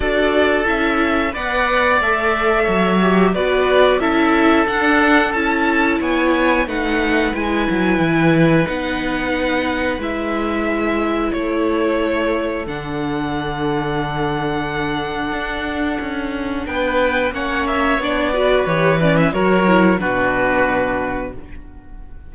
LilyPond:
<<
  \new Staff \with { instrumentName = "violin" } { \time 4/4 \tempo 4 = 90 d''4 e''4 fis''4 e''4~ | e''4 d''4 e''4 fis''4 | a''4 gis''4 fis''4 gis''4~ | gis''4 fis''2 e''4~ |
e''4 cis''2 fis''4~ | fis''1~ | fis''4 g''4 fis''8 e''8 d''4 | cis''8 d''16 e''16 cis''4 b'2 | }
  \new Staff \with { instrumentName = "oboe" } { \time 4/4 a'2 d''2 | cis''4 b'4 a'2~ | a'4 cis''4 b'2~ | b'1~ |
b'4 a'2.~ | a'1~ | a'4 b'4 cis''4. b'8~ | b'4 ais'4 fis'2 | }
  \new Staff \with { instrumentName = "viola" } { \time 4/4 fis'4 e'4 b'4 a'4~ | a'8 g'8 fis'4 e'4 d'4 | e'2 dis'4 e'4~ | e'4 dis'2 e'4~ |
e'2. d'4~ | d'1~ | d'2 cis'4 d'8 fis'8 | g'8 cis'8 fis'8 e'8 d'2 | }
  \new Staff \with { instrumentName = "cello" } { \time 4/4 d'4 cis'4 b4 a4 | fis4 b4 cis'4 d'4 | cis'4 b4 a4 gis8 fis8 | e4 b2 gis4~ |
gis4 a2 d4~ | d2. d'4 | cis'4 b4 ais4 b4 | e4 fis4 b,2 | }
>>